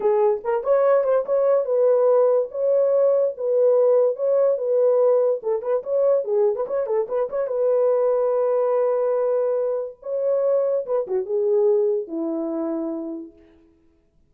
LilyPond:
\new Staff \with { instrumentName = "horn" } { \time 4/4 \tempo 4 = 144 gis'4 ais'8 cis''4 c''8 cis''4 | b'2 cis''2 | b'2 cis''4 b'4~ | b'4 a'8 b'8 cis''4 gis'8. b'16 |
cis''8 a'8 b'8 cis''8 b'2~ | b'1 | cis''2 b'8 fis'8 gis'4~ | gis'4 e'2. | }